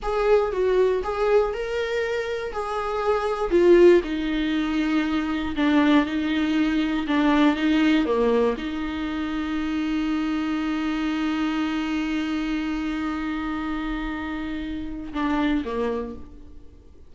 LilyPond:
\new Staff \with { instrumentName = "viola" } { \time 4/4 \tempo 4 = 119 gis'4 fis'4 gis'4 ais'4~ | ais'4 gis'2 f'4 | dis'2. d'4 | dis'2 d'4 dis'4 |
ais4 dis'2.~ | dis'1~ | dis'1~ | dis'2 d'4 ais4 | }